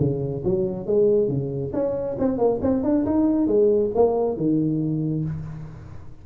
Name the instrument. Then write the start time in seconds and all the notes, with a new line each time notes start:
tuba
0.00 C#3
0.45 F#3
0.87 G#3
1.29 C#3
1.74 C#4
2.19 C4
2.38 A#3
2.62 C4
2.84 D4
3.06 D#4
3.48 G#3
3.95 A#3
4.37 D#3